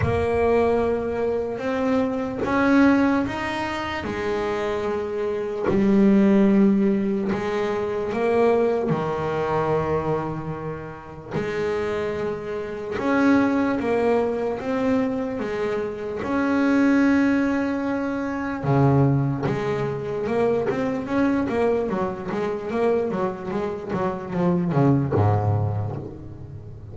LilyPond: \new Staff \with { instrumentName = "double bass" } { \time 4/4 \tempo 4 = 74 ais2 c'4 cis'4 | dis'4 gis2 g4~ | g4 gis4 ais4 dis4~ | dis2 gis2 |
cis'4 ais4 c'4 gis4 | cis'2. cis4 | gis4 ais8 c'8 cis'8 ais8 fis8 gis8 | ais8 fis8 gis8 fis8 f8 cis8 gis,4 | }